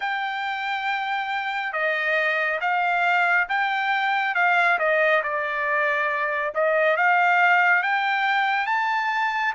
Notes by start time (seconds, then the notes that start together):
0.00 G5
1.72 D#5
2.60 F5
3.49 G5
4.34 F5
4.78 D#5
5.23 D5
6.54 D#5
6.96 F5
7.83 G5
8.66 A5